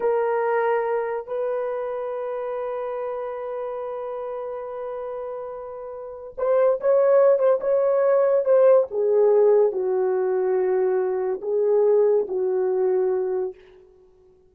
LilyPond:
\new Staff \with { instrumentName = "horn" } { \time 4/4 \tempo 4 = 142 ais'2. b'4~ | b'1~ | b'1~ | b'2. c''4 |
cis''4. c''8 cis''2 | c''4 gis'2 fis'4~ | fis'2. gis'4~ | gis'4 fis'2. | }